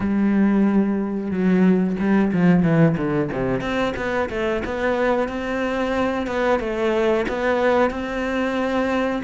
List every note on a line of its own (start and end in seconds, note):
0.00 1.30 G3
1.30 1.96 F#3
1.99 2.32 G3
2.32 2.63 F3
2.63 2.96 E3
2.97 3.30 D3
3.31 3.60 C3
3.60 3.93 C4
3.96 4.29 B3
4.29 4.62 A3
4.65 5.28 B3
5.28 6.26 C4
6.26 6.59 B3
6.59 7.25 A3
7.28 7.90 B3
7.90 9.22 C4